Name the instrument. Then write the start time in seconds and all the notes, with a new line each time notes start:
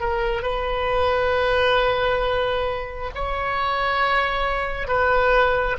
oboe
0.00 A#4
0.42 B4
3.15 C#5
4.87 B4